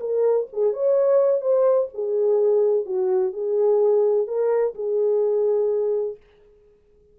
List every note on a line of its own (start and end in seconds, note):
0.00 0.47 A#4
0.53 0.73 G#4
0.73 1.41 C#5
1.41 1.88 C5
1.94 2.85 G#4
2.85 3.33 F#4
3.33 4.27 G#4
4.27 4.74 A#4
4.75 6.17 G#4